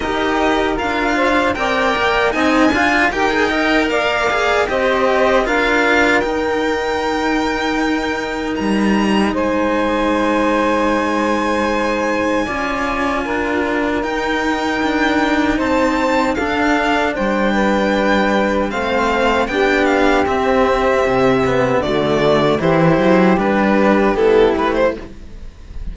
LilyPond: <<
  \new Staff \with { instrumentName = "violin" } { \time 4/4 \tempo 4 = 77 dis''4 f''4 g''4 gis''4 | g''4 f''4 dis''4 f''4 | g''2. ais''4 | gis''1~ |
gis''2 g''2 | a''4 f''4 g''2 | f''4 g''8 f''8 e''2 | d''4 c''4 b'4 a'8 b'16 c''16 | }
  \new Staff \with { instrumentName = "saxophone" } { \time 4/4 ais'4. c''8 d''4 dis''8 f''8 | ais'8 dis''8 d''4 c''4 ais'4~ | ais'1 | c''1 |
d''4 ais'2. | c''4 a'4 c''8 b'4. | c''4 g'2. | fis'4 g'2. | }
  \new Staff \with { instrumentName = "cello" } { \time 4/4 g'4 f'4 ais'4 dis'8 f'8 | g'16 gis'16 ais'4 gis'8 g'4 f'4 | dis'1~ | dis'1 |
f'2 dis'2~ | dis'4 d'2. | c'4 d'4 c'4. b8 | a4 e'4 d'4 e'4 | }
  \new Staff \with { instrumentName = "cello" } { \time 4/4 dis'4 d'4 c'8 ais8 c'8 d'8 | dis'4 ais4 c'4 d'4 | dis'2. g4 | gis1 |
cis'4 d'4 dis'4 d'4 | c'4 d'4 g2 | a4 b4 c'4 c4 | d4 e8 fis8 g4 b8 a8 | }
>>